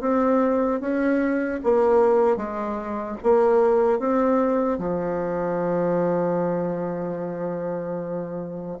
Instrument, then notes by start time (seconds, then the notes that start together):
bassoon
0.00 C4
0.80 C#4
1.63 A#3
2.36 G#3
3.23 A#3
3.99 C4
4.78 F3